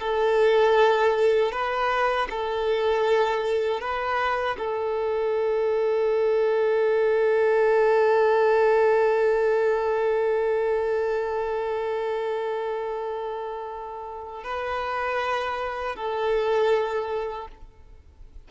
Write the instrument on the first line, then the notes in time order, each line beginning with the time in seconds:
violin
0.00 A4
1.52 B4
2.30 A4
3.81 B4
4.58 A4
14.44 B4
15.96 A4